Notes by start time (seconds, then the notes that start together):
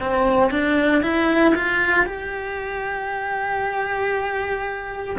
0.00 C4
0.51 D4
1.03 E4
1.55 F4
2.06 G4